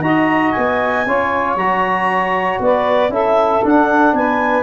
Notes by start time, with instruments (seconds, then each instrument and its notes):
0.00 tuba D#4, trombone F#4, saxophone D#5, clarinet A#5
0.51 tuba B3, clarinet G#5
1.06 tuba C#4, trombone F4, saxophone C#5
1.55 tuba F#3, trombone F#4, clarinet A#5
2.59 tuba B3, saxophone B4, clarinet D5
3.09 tuba C#4, trombone E4, saxophone A4, clarinet E5
3.64 trombone D4, tuba D4, clarinet F#5
4.13 tuba B3, saxophone B4, clarinet G#5